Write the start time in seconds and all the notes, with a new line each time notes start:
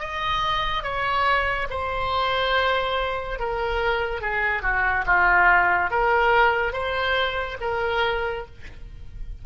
0.00 D#5
0.84 C#5
1.71 C5
3.40 A#4
4.22 G#4
4.63 F#4
5.06 F4
5.91 A#4
6.73 C5
7.61 A#4